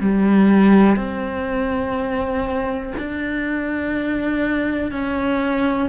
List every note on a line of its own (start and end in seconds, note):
0.00 0.96 G3
0.96 2.93 C4
2.97 4.91 D4
4.91 5.89 C#4